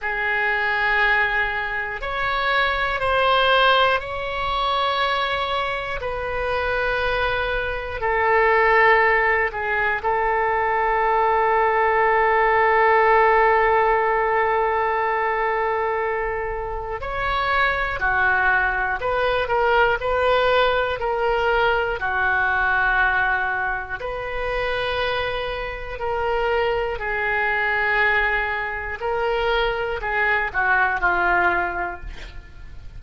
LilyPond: \new Staff \with { instrumentName = "oboe" } { \time 4/4 \tempo 4 = 60 gis'2 cis''4 c''4 | cis''2 b'2 | a'4. gis'8 a'2~ | a'1~ |
a'4 cis''4 fis'4 b'8 ais'8 | b'4 ais'4 fis'2 | b'2 ais'4 gis'4~ | gis'4 ais'4 gis'8 fis'8 f'4 | }